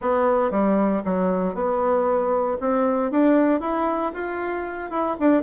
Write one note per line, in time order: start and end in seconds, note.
0.01 0.50 B3
0.50 1.02 G3
1.05 1.54 F#3
1.54 2.57 B3
2.60 3.11 C4
3.11 3.60 D4
3.60 4.12 E4
4.13 4.90 F4
4.90 5.16 E4
5.19 5.43 D4